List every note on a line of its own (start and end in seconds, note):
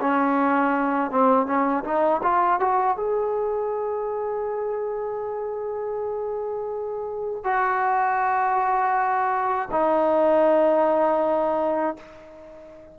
0.00 1.10 C#4
1.10 1.46 C4
1.46 1.84 C#4
1.84 2.21 D#4
2.23 2.60 F4
2.60 2.97 F#4
2.97 7.44 G#4
7.44 9.69 F#4
9.71 11.96 D#4